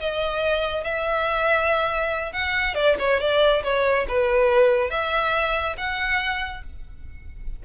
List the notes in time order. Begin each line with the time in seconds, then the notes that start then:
0.00 D#5
0.84 E5
2.33 F#5
2.75 D5
2.99 C#5
3.20 D5
3.64 C#5
4.08 B4
4.91 E5
5.78 F#5